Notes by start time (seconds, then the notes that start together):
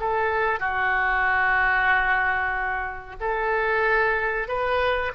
0.00 A4
0.60 F#4
3.21 A4
4.49 B4